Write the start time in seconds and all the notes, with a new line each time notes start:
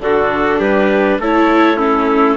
0.00 D3 D4 F#4 A4
0.59 G3 G4 B4
1.19 A3 E4 A4 C#5
1.77 C#4 E4 A4